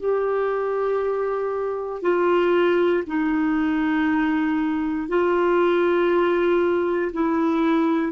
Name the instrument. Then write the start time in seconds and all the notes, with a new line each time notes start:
clarinet
0.00 G4
2.02 F4
3.07 D#4
5.08 F4
7.13 E4